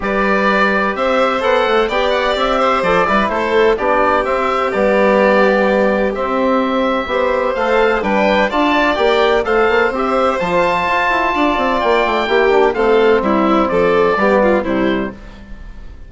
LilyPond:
<<
  \new Staff \with { instrumentName = "oboe" } { \time 4/4 \tempo 4 = 127 d''2 e''4 fis''4 | g''8 fis''8 e''4 d''4 c''4 | d''4 e''4 d''2~ | d''4 e''2. |
f''4 g''4 a''4 g''4 | f''4 e''4 a''2~ | a''4 g''2 f''4 | e''4 d''2 c''4 | }
  \new Staff \with { instrumentName = "violin" } { \time 4/4 b'2 c''2 | d''4. c''4 b'8 a'4 | g'1~ | g'2. c''4~ |
c''4 b'4 d''2 | c''1 | d''2 g'4 a'4 | e'4 a'4 g'8 f'8 e'4 | }
  \new Staff \with { instrumentName = "trombone" } { \time 4/4 g'2. a'4 | g'2 a'8 e'4. | d'4 c'4 b2~ | b4 c'2 g'4 |
a'4 d'4 f'4 g'4 | a'4 g'4 f'2~ | f'2 e'8 d'8 c'4~ | c'2 b4 g4 | }
  \new Staff \with { instrumentName = "bassoon" } { \time 4/4 g2 c'4 b8 a8 | b4 c'4 f8 g8 a4 | b4 c'4 g2~ | g4 c'2 b4 |
a4 g4 d'4 ais4 | a8 ais8 c'4 f4 f'8 e'8 | d'8 c'8 ais8 a8 ais4 a4 | g4 f4 g4 c4 | }
>>